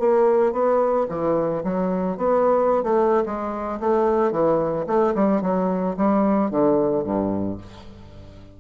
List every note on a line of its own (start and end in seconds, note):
0.00 0.53 A#3
0.53 1.07 B3
1.09 1.63 E3
1.64 2.17 F#3
2.17 2.83 B3
2.83 3.24 A3
3.26 3.80 G#3
3.80 4.32 A3
4.32 4.86 E3
4.87 5.14 A3
5.15 5.42 G3
5.42 5.96 F#3
5.97 6.51 G3
6.51 7.04 D3
7.04 7.58 G2